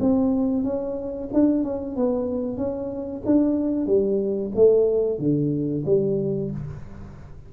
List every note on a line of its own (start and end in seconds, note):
0.00 0.64 C4
0.64 1.29 C#4
1.33 1.64 D4
1.64 1.96 C#4
1.96 2.57 B3
2.57 3.22 C#4
3.25 3.86 D4
3.86 4.51 G3
4.55 5.19 A3
5.19 5.84 D3
5.85 6.51 G3